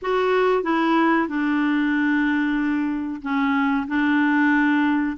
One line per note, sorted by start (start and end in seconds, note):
0.02 0.63 F#4
0.63 1.27 E4
1.28 3.21 D4
3.22 3.86 C#4
3.87 5.16 D4